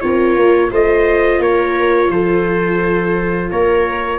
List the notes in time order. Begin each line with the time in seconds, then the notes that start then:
0.00 C4 F4 A#4 C#5
0.36 A#3
0.71 A3 F4 C5 D#5
1.39 A#3 A#4 C#5
2.10 F3 A4 C5
3.50 A#3 A#4 C#5